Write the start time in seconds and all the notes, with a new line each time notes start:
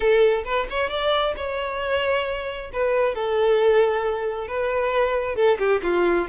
0.00 A4
0.44 B4
0.70 C#5
0.89 D5
1.36 C#5
2.73 B4
3.14 A4
4.47 B4
5.35 A4
5.58 G4
5.82 F4